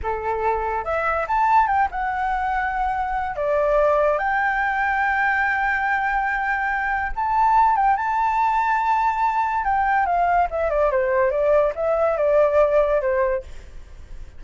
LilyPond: \new Staff \with { instrumentName = "flute" } { \time 4/4 \tempo 4 = 143 a'2 e''4 a''4 | g''8 fis''2.~ fis''8 | d''2 g''2~ | g''1~ |
g''4 a''4. g''8 a''4~ | a''2. g''4 | f''4 e''8 d''8 c''4 d''4 | e''4 d''2 c''4 | }